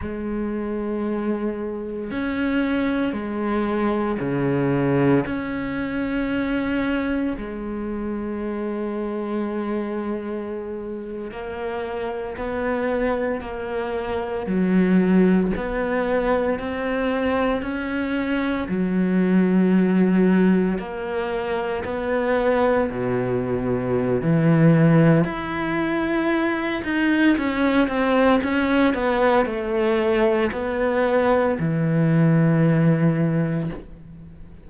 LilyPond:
\new Staff \with { instrumentName = "cello" } { \time 4/4 \tempo 4 = 57 gis2 cis'4 gis4 | cis4 cis'2 gis4~ | gis2~ gis8. ais4 b16~ | b8. ais4 fis4 b4 c'16~ |
c'8. cis'4 fis2 ais16~ | ais8. b4 b,4~ b,16 e4 | e'4. dis'8 cis'8 c'8 cis'8 b8 | a4 b4 e2 | }